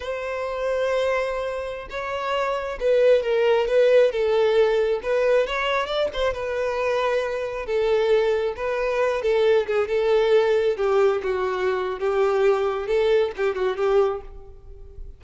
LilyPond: \new Staff \with { instrumentName = "violin" } { \time 4/4 \tempo 4 = 135 c''1~ | c''16 cis''2 b'4 ais'8.~ | ais'16 b'4 a'2 b'8.~ | b'16 cis''4 d''8 c''8 b'4.~ b'16~ |
b'4~ b'16 a'2 b'8.~ | b'8. a'4 gis'8 a'4.~ a'16~ | a'16 g'4 fis'4.~ fis'16 g'4~ | g'4 a'4 g'8 fis'8 g'4 | }